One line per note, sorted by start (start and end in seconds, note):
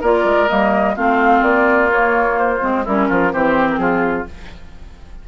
0.00 0.24 A#3
0.00 0.48 F4
0.00 0.94 A#4
0.00 0.48 D5
0.24 0.48 G#3
0.48 0.97 G3
0.48 0.95 A#3
0.48 0.95 D#5
0.95 1.42 A3
0.95 1.90 C4
0.95 2.84 F4
0.95 1.43 F5
1.42 2.60 A#3
1.42 1.90 D5
1.91 2.60 A#3
1.91 2.38 C#5
2.38 2.85 C5
2.60 2.86 G#3
2.60 2.84 C4
2.84 3.09 G3
2.84 3.31 C#4
2.84 3.07 E4
2.84 3.33 A#4
3.08 3.33 F3
3.08 3.32 F4
3.31 3.77 E3
3.31 4.26 C4
3.31 3.79 G4
3.31 3.68 C5
3.69 3.77 A#4
3.77 4.25 F3
3.77 4.28 F4
3.77 4.25 G#4